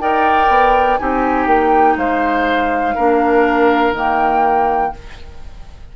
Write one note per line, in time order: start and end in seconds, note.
0.00 0.48 D#4
0.00 0.99 A#4
0.00 1.00 D5
0.00 0.97 G5
0.48 0.98 B3
0.97 1.46 C4
0.97 2.96 D#4
0.97 1.98 G4
0.97 1.47 G#5
1.46 1.95 A#3
1.46 1.97 G5
1.96 2.95 G#3
1.96 2.95 C5
1.96 3.94 F5
2.95 3.92 A#3
2.95 3.95 D4
2.95 4.92 A#4
3.92 4.90 D#3
3.92 4.93 A#3
3.92 4.96 G5